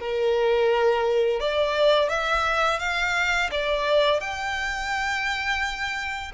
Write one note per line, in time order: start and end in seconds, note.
0.00 1.40 A#4
1.40 2.09 D5
2.09 2.79 E5
2.79 3.50 F5
3.51 4.20 D5
4.20 6.32 G5